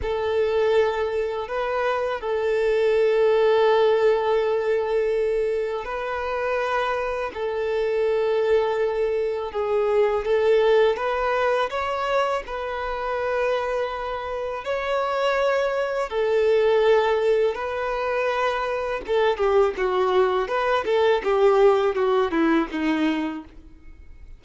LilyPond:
\new Staff \with { instrumentName = "violin" } { \time 4/4 \tempo 4 = 82 a'2 b'4 a'4~ | a'1 | b'2 a'2~ | a'4 gis'4 a'4 b'4 |
cis''4 b'2. | cis''2 a'2 | b'2 a'8 g'8 fis'4 | b'8 a'8 g'4 fis'8 e'8 dis'4 | }